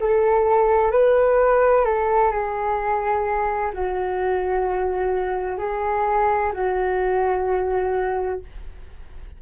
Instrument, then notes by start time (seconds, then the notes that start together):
flute
0.00 A4
0.91 B4
1.85 A4
2.31 G#4
3.72 F#4
5.58 G#4
6.53 F#4